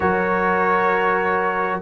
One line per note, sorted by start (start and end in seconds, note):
0.00 1.81 F#3
0.00 1.81 F#4
0.00 1.81 A#4
0.00 1.81 C#5